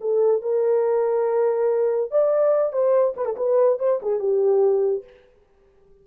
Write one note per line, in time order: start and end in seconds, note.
0.00 0.41 A4
0.41 2.10 A#4
2.11 2.72 D5
2.72 3.14 C5
3.16 3.25 B4
3.25 3.36 A4
3.36 3.78 B4
3.79 4.00 C5
4.02 4.19 G#4
4.19 5.03 G4